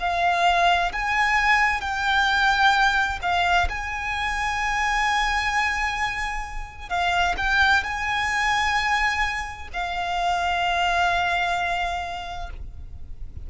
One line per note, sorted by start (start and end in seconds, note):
0.00 0.92 F5
0.93 1.81 G#5
1.81 3.20 G5
3.22 3.68 F5
3.70 6.89 G#5
6.89 7.36 F5
7.38 7.84 G5
7.84 9.69 G#5
9.73 12.50 F5